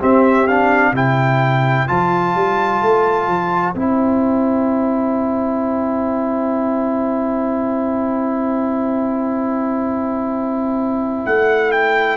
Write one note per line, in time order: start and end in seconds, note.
0.00 0.47 C4
0.00 0.92 C4
0.00 0.94 G4
0.00 0.47 E5
0.47 0.95 D4
0.47 0.94 F5
0.92 1.86 C3
0.92 1.88 E4
0.92 12.17 C5
0.92 1.88 G5
1.88 2.35 F3
1.88 3.75 F4
1.88 3.74 A5
2.35 2.82 G3
2.82 3.28 A3
3.28 3.75 F3
3.74 11.25 C4
3.74 12.17 E4
3.74 11.24 G5
11.26 12.17 A3
11.26 11.72 F#5
11.72 12.17 G5